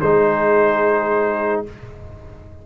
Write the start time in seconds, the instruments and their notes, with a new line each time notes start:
0.00 tuba G#3, trombone D#4, horn G#4, trumpet C5